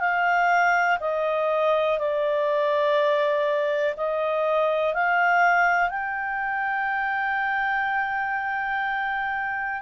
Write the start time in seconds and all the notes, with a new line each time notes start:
0.00 F5
1.01 D#5
1.99 D5
3.97 D#5
4.94 F5
5.90 G5